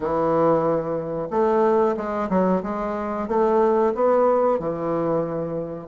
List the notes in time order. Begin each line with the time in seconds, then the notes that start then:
0.00 E3
1.30 A3
1.96 G#3
2.29 F#3
2.62 G#3
3.28 A3
3.95 B3
4.59 E3